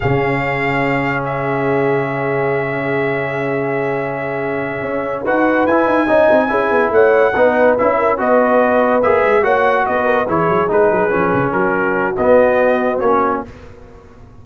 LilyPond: <<
  \new Staff \with { instrumentName = "trumpet" } { \time 4/4 \tempo 4 = 143 f''2. e''4~ | e''1~ | e''1~ | e''8 fis''4 gis''2~ gis''8~ |
gis''8 fis''2 e''4 dis''8~ | dis''4. e''4 fis''4 dis''8~ | dis''8 cis''4 b'2 ais'8~ | ais'4 dis''2 cis''4 | }
  \new Staff \with { instrumentName = "horn" } { \time 4/4 gis'1~ | gis'1~ | gis'1~ | gis'8 b'2 dis''4 gis'8~ |
gis'8 cis''4 b'4. ais'8 b'8~ | b'2~ b'8 cis''4 b'8 | ais'8 gis'2. fis'8~ | fis'1 | }
  \new Staff \with { instrumentName = "trombone" } { \time 4/4 cis'1~ | cis'1~ | cis'1~ | cis'8 fis'4 e'4 dis'4 e'8~ |
e'4. dis'4 e'4 fis'8~ | fis'4. gis'4 fis'4.~ | fis'8 e'4 dis'4 cis'4.~ | cis'4 b2 cis'4 | }
  \new Staff \with { instrumentName = "tuba" } { \time 4/4 cis1~ | cis1~ | cis2.~ cis8 cis'8~ | cis'8 dis'4 e'8 dis'8 cis'8 c'8 cis'8 |
b8 a4 b4 cis'4 b8~ | b4. ais8 gis8 ais4 b8~ | b8 e8 fis8 gis8 fis8 f8 cis8 fis8~ | fis4 b2 ais4 | }
>>